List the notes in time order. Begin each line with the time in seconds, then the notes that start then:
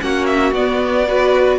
0.00 A#3 C#4 F#4 F#5
0.26 E5
0.52 B3 D5
1.08 F#4 B4